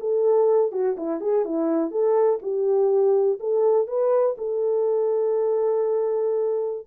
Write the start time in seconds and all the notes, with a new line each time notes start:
0.00 A4
0.72 F#4
0.97 E4
1.20 G#4
1.45 E4
1.91 A4
2.42 G4
3.40 A4
3.87 B4
4.38 A4